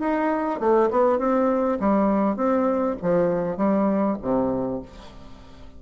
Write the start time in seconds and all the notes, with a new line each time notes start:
0.00 D#4
0.60 A3
0.91 B3
1.19 C4
1.80 G3
2.36 C4
3.03 F3
3.58 G3
4.22 C3